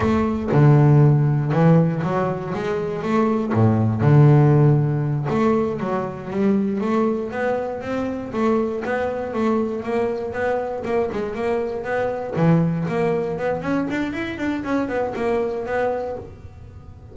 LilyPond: \new Staff \with { instrumentName = "double bass" } { \time 4/4 \tempo 4 = 119 a4 d2 e4 | fis4 gis4 a4 a,4 | d2~ d8 a4 fis8~ | fis8 g4 a4 b4 c'8~ |
c'8 a4 b4 a4 ais8~ | ais8 b4 ais8 gis8 ais4 b8~ | b8 e4 ais4 b8 cis'8 d'8 | e'8 d'8 cis'8 b8 ais4 b4 | }